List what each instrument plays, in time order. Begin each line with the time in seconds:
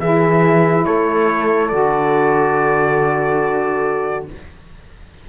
0.00 cello E3, saxophone E4, horn G#4, trumpet E5
0.86 cello A3, horn A4, trumpet C#5
1.69 cello D3, saxophone F#4, trumpet D5